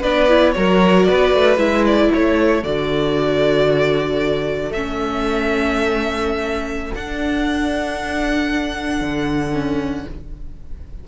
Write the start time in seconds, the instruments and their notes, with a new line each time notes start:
0.00 cello B3, viola D4, violin B4 D5
0.28 viola E4
0.53 cello F#3, viola F#4, violin A#4 C#5
1.03 violin B4 D5
1.09 cello B3
1.34 cello A3
1.57 cello G#3, viola E4, violin E5
1.86 violin D5
2.11 cello A3, violin A4 C#5
2.63 cello D3, viola F#4, violin D5
4.70 cello A3, viola C#4, violin E5
6.95 viola D4, cello D4, violin F#5
9.01 cello D3
9.52 viola C#4